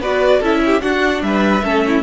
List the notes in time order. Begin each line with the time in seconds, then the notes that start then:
0.00 B3 F#4 B4 D5
0.39 C#4 E4 A4 E5
0.65 G4
0.81 D4 F#4 F#5
1.22 G3 B4 E5
1.63 A3 C#4 A4
1.87 E4